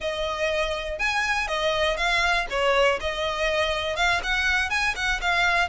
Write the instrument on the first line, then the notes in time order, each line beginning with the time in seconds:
violin
0.00 D#5
0.98 G#5
1.47 D#5
1.97 F5
2.50 C#5
3.00 D#5
3.96 F5
4.23 F#5
4.70 G#5
4.95 F#5
5.21 F5